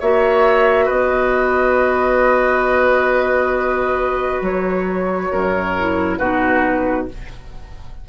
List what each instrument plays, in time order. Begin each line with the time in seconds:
0.00 bassoon A#3, clarinet F#4, oboe C#5, flute E5
0.85 bassoon B3, oboe B4, flute D#5
4.41 bassoon F#3, flute C#5
5.31 bassoon F#2, oboe A#4
5.78 clarinet E4
6.17 bassoon B2, clarinet D#4, oboe F#4, flute B4